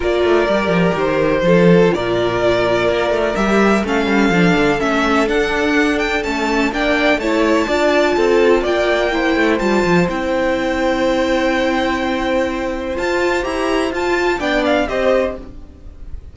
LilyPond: <<
  \new Staff \with { instrumentName = "violin" } { \time 4/4 \tempo 4 = 125 d''2 c''2 | d''2. e''4 | f''2 e''4 fis''4~ | fis''8 g''8 a''4 g''4 a''4~ |
a''2 g''2 | a''4 g''2.~ | g''2. a''4 | ais''4 a''4 g''8 f''8 dis''4 | }
  \new Staff \with { instrumentName = "violin" } { \time 4/4 ais'2. a'4 | ais'1 | a'1~ | a'2 d''4 cis''4 |
d''4 a'4 d''4 c''4~ | c''1~ | c''1~ | c''2 d''4 c''4 | }
  \new Staff \with { instrumentName = "viola" } { \time 4/4 f'4 g'2 f'4~ | f'2. g'4 | cis'4 d'4 cis'4 d'4~ | d'4 cis'4 d'4 e'4 |
f'2. e'4 | f'4 e'2.~ | e'2. f'4 | g'4 f'4 d'4 g'4 | }
  \new Staff \with { instrumentName = "cello" } { \time 4/4 ais8 a8 g8 f8 dis4 f4 | ais,2 ais8 a8 g4 | a8 g8 f8 d8 a4 d'4~ | d'4 a4 ais4 a4 |
d'4 c'4 ais4. a8 | g8 f8 c'2.~ | c'2. f'4 | e'4 f'4 b4 c'4 | }
>>